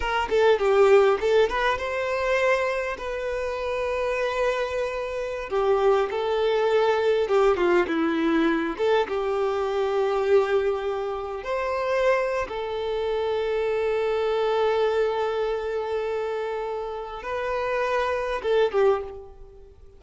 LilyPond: \new Staff \with { instrumentName = "violin" } { \time 4/4 \tempo 4 = 101 ais'8 a'8 g'4 a'8 b'8 c''4~ | c''4 b'2.~ | b'4~ b'16 g'4 a'4.~ a'16~ | a'16 g'8 f'8 e'4. a'8 g'8.~ |
g'2.~ g'16 c''8.~ | c''4 a'2.~ | a'1~ | a'4 b'2 a'8 g'8 | }